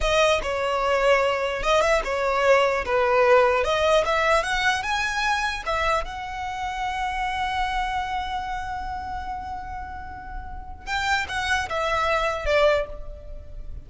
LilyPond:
\new Staff \with { instrumentName = "violin" } { \time 4/4 \tempo 4 = 149 dis''4 cis''2. | dis''8 e''8 cis''2 b'4~ | b'4 dis''4 e''4 fis''4 | gis''2 e''4 fis''4~ |
fis''1~ | fis''1~ | fis''2. g''4 | fis''4 e''2 d''4 | }